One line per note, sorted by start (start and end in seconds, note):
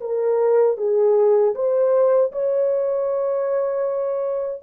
0.00 0.77 A#4
0.77 1.54 G#4
1.54 2.31 C5
2.32 4.62 C#5